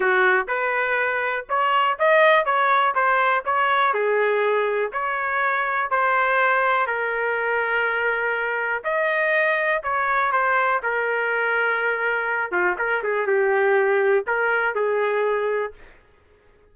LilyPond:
\new Staff \with { instrumentName = "trumpet" } { \time 4/4 \tempo 4 = 122 fis'4 b'2 cis''4 | dis''4 cis''4 c''4 cis''4 | gis'2 cis''2 | c''2 ais'2~ |
ais'2 dis''2 | cis''4 c''4 ais'2~ | ais'4. f'8 ais'8 gis'8 g'4~ | g'4 ais'4 gis'2 | }